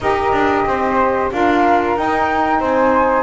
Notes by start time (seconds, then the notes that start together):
0.00 D#4 G4 A#4 D#5
0.32 D4
0.65 C4 C5
1.31 D4 F4 A#4 F5
1.96 D#4 G5
2.59 C4 C5 G#5